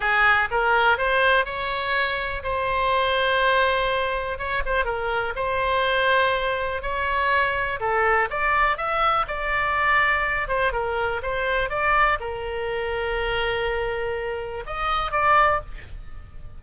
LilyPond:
\new Staff \with { instrumentName = "oboe" } { \time 4/4 \tempo 4 = 123 gis'4 ais'4 c''4 cis''4~ | cis''4 c''2.~ | c''4 cis''8 c''8 ais'4 c''4~ | c''2 cis''2 |
a'4 d''4 e''4 d''4~ | d''4. c''8 ais'4 c''4 | d''4 ais'2.~ | ais'2 dis''4 d''4 | }